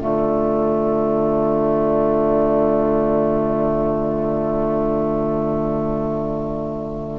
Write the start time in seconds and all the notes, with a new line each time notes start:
0.00 D3 A3 F4 D5